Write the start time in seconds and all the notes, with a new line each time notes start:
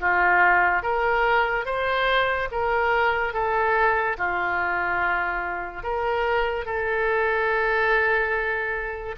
0.00 F4
0.83 A#4
1.65 C5
2.51 A#4
3.33 A4
4.18 F4
5.83 A#4
6.65 A4